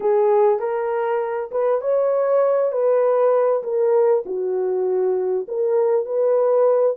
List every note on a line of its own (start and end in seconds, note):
0.00 0.59 G#4
0.59 1.50 A#4
1.51 1.81 B4
1.81 2.71 C#5
2.71 3.62 B4
3.63 4.23 A#4
4.25 5.47 F#4
5.47 6.05 A#4
6.05 6.96 B4